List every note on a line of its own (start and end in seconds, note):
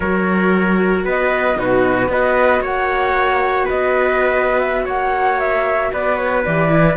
0.00 1.05 F#3
0.00 1.55 F#4
0.00 1.04 A#4
0.00 1.04 C#5
1.04 1.56 B3
1.04 1.57 B4
1.04 1.59 D#5
1.55 2.08 B2
1.55 2.08 D#4
1.55 2.10 F#4
1.55 2.11 B4
2.08 2.60 B3
2.08 6.45 F#4
2.08 2.62 B4
2.08 2.63 D#5
2.60 3.66 A#3
2.60 3.65 C#5
2.60 3.68 F#5
3.65 4.86 B3
3.65 4.83 B4
3.65 4.59 D#5
4.59 4.86 E5
4.85 5.91 A#3
4.85 5.90 C#5
4.85 5.39 F#5
5.39 5.92 E5
5.92 6.45 B3
5.92 6.96 B4
5.92 6.16 D5
6.16 6.42 C#5
6.44 6.96 E3
6.44 6.69 G4
6.44 6.96 D5
6.69 6.96 E4